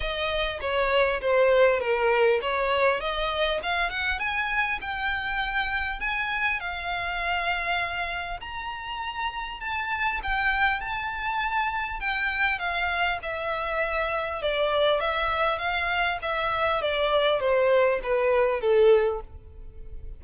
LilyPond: \new Staff \with { instrumentName = "violin" } { \time 4/4 \tempo 4 = 100 dis''4 cis''4 c''4 ais'4 | cis''4 dis''4 f''8 fis''8 gis''4 | g''2 gis''4 f''4~ | f''2 ais''2 |
a''4 g''4 a''2 | g''4 f''4 e''2 | d''4 e''4 f''4 e''4 | d''4 c''4 b'4 a'4 | }